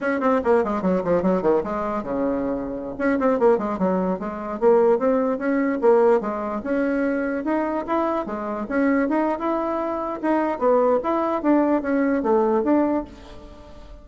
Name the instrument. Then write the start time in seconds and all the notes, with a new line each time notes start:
bassoon
0.01 C#4
0.20 C4
0.44 A#3
0.63 G#3
0.82 F#3
1.04 F3
1.22 F#3
1.42 D#3
1.63 G#3
2.03 C#3
2.98 C#4
3.19 C4
3.39 A#3
3.58 G#3
3.78 F#3
4.19 G#3
4.60 A#3
4.98 C4
5.38 C#4
5.81 A#3
6.20 G#3
6.63 C#4
7.44 D#4
7.86 E4
8.26 G#3
8.68 C#4
9.08 D#4
9.38 E4
10.22 D#4
10.58 B3
11.03 E4
11.42 D4
11.82 C#4
12.22 A3
12.63 D4